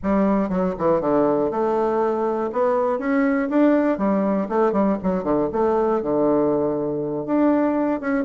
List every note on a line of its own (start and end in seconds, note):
0.02 0.49 G3
0.49 0.74 F#3
0.78 1.00 E3
1.00 1.50 D3
1.50 2.50 A3
2.52 2.99 B3
2.99 3.49 C#4
3.49 3.97 D4
3.97 4.47 G3
4.48 4.72 A3
4.72 4.97 G3
5.02 5.23 F#3
5.23 5.48 D3
5.52 6.02 A3
6.02 7.26 D3
7.26 8.00 D4
8.00 8.24 C#4